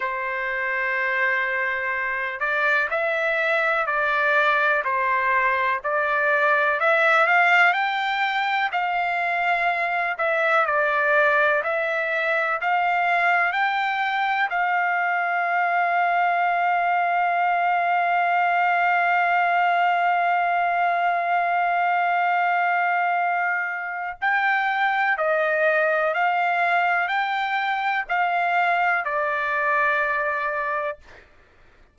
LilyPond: \new Staff \with { instrumentName = "trumpet" } { \time 4/4 \tempo 4 = 62 c''2~ c''8 d''8 e''4 | d''4 c''4 d''4 e''8 f''8 | g''4 f''4. e''8 d''4 | e''4 f''4 g''4 f''4~ |
f''1~ | f''1~ | f''4 g''4 dis''4 f''4 | g''4 f''4 d''2 | }